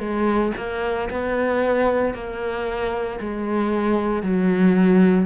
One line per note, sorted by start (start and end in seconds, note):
0.00 0.53 G#3
0.57 1.10 A#3
1.11 2.14 B3
2.14 3.20 A#3
3.21 4.23 G#3
4.23 5.26 F#3